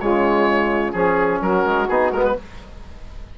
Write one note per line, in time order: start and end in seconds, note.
0.00 0.94 C#3
0.00 0.94 G#3
0.00 0.94 F4
0.00 0.92 C#5
0.92 1.40 F3
0.92 1.88 C#4
0.92 1.39 G#4
0.92 1.41 G#4
1.41 1.64 F#3
1.41 2.37 F#4
1.41 1.88 A#4
1.65 1.88 G#3
1.88 2.11 B3
1.88 2.14 D#4
1.88 2.12 G#4
2.11 2.35 G#3
2.11 2.38 B3
2.11 2.24 A#4
2.24 2.36 B4